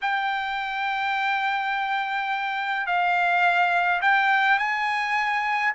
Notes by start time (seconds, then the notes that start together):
0.01 G5
2.86 F5
4.01 G5
4.58 G#5